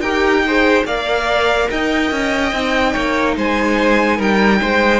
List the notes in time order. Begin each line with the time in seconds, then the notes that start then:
0.00 D#4 G4 A#4 G5
0.47 G#4 C5
0.85 A#3 A#4 D5 F5
1.70 D#4 D#5 G5
2.11 C#4
2.52 C4 D#4
2.93 A#3 C#5
3.36 G#3 C5 G#5
4.17 G3 A#4 G5
4.61 G#3 C5